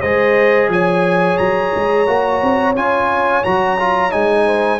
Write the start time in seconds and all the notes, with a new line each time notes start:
0.00 G#3 G#4 C5 D#5
0.68 F3 C#5 G#5
1.37 F#3 A#5
1.74 G#3
2.07 A#3 F#4
2.42 C4
2.74 C#4 F4 G#5
3.43 F#3 F#4 A#5
3.79 F4
4.10 G#3 D#4 G#5
4.46 C5